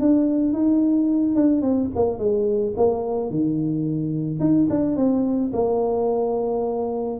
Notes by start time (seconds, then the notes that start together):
0.00 D4
0.53 D#4
1.35 D4
1.61 C4
1.95 A#3
2.18 G#3
2.76 A#3
3.30 D#3
4.39 D#4
4.69 D4
4.96 C4
5.53 A#3